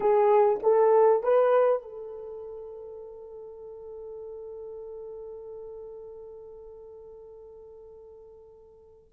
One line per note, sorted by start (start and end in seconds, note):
0.00 0.59 G#4
0.62 1.23 A4
1.23 1.82 B4
1.82 9.09 A4